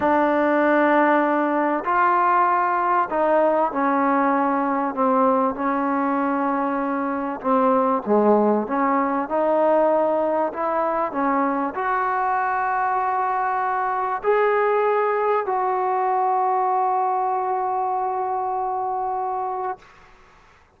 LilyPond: \new Staff \with { instrumentName = "trombone" } { \time 4/4 \tempo 4 = 97 d'2. f'4~ | f'4 dis'4 cis'2 | c'4 cis'2. | c'4 gis4 cis'4 dis'4~ |
dis'4 e'4 cis'4 fis'4~ | fis'2. gis'4~ | gis'4 fis'2.~ | fis'1 | }